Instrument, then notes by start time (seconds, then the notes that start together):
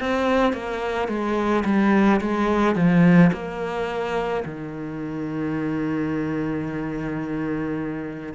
cello
0.00 C4
0.53 A#3
1.08 G#3
1.65 G3
2.21 G#3
2.76 F3
3.33 A#3
4.45 D#3